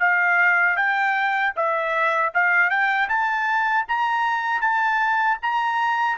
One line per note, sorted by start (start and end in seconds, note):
0.00 0.77 F5
0.77 1.54 G5
1.56 2.33 E5
2.34 2.70 F5
2.70 3.09 G5
3.09 3.86 A5
3.88 4.62 A#5
4.62 5.38 A5
5.42 6.18 A#5